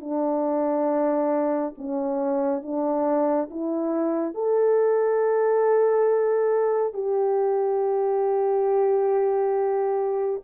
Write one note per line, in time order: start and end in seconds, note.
0.00 1.74 D4
1.77 2.62 C#4
2.62 3.49 D4
3.50 4.34 E4
4.34 6.93 A4
6.93 10.41 G4